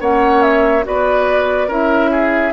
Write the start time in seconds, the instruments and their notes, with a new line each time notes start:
0.00 bassoon A#3, clarinet C#4, oboe C#5, flute F#5
0.42 flute E5
0.83 bassoon B3, clarinet F#4, oboe B4, flute D5
1.68 bassoon C#4, clarinet E4, oboe A#4, flute E5
2.11 oboe G#4